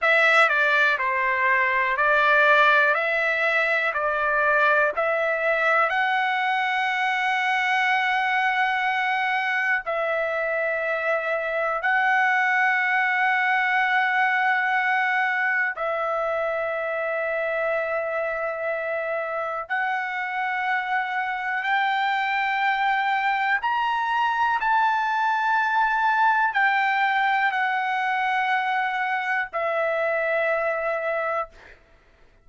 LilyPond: \new Staff \with { instrumentName = "trumpet" } { \time 4/4 \tempo 4 = 61 e''8 d''8 c''4 d''4 e''4 | d''4 e''4 fis''2~ | fis''2 e''2 | fis''1 |
e''1 | fis''2 g''2 | ais''4 a''2 g''4 | fis''2 e''2 | }